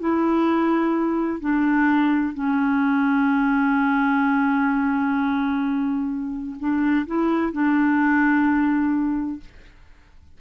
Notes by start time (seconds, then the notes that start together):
0.00 E4
1.41 D4
2.34 C#4
6.59 D4
7.07 E4
7.53 D4